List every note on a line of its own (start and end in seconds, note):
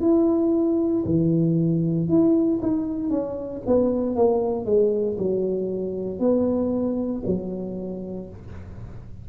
0.00 1.03 E4
1.05 2.08 E3
2.08 2.60 E4
2.62 3.10 D#4
3.10 3.62 C#4
3.66 4.15 B3
4.15 4.65 A#3
4.65 5.17 G#3
5.18 6.19 F#3
6.19 7.22 B3
7.26 8.29 F#3